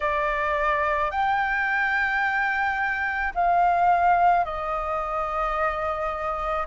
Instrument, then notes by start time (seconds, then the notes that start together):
flute
0.00 D5
1.11 G5
3.34 F5
4.44 D#5